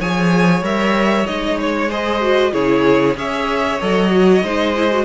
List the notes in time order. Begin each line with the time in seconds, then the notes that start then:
0.00 F3 G#4 C#5 G#5
0.62 G3 A#4 E5
1.26 G#3 D#4 D#5
1.61 C#5
1.89 G#4 C5 D#5
2.21 F#4
2.52 C#3 E4 G#4 C#5
3.17 C#4 G#4 C#5 E5
3.81 F#3 A4 D#5
4.11 F#4
4.43 G#3 D#4 C5
4.76 E4
4.91 F#4